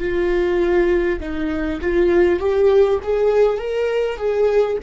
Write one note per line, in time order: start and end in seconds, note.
0.00 1.20 F4
1.20 1.80 D#4
1.82 2.40 F4
2.40 3.00 G4
3.03 3.58 G#4
3.58 4.17 A#4
4.17 4.77 G#4